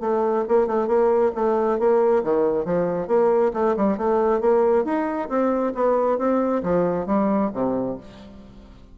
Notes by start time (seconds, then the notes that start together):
0.00 A3
0.48 A#3
0.67 A3
0.87 A#3
1.35 A3
1.79 A#3
2.23 D#3
2.65 F3
3.08 A#3
3.53 A3
3.77 G3
3.97 A3
4.40 A#3
4.84 D#4
5.29 C4
5.75 B3
6.18 C4
6.63 F3
7.06 G3
7.53 C3